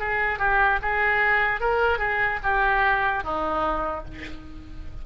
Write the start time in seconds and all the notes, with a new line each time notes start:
0.00 G#4
0.39 G4
0.83 G#4
1.61 A#4
1.99 G#4
2.44 G4
3.24 D#4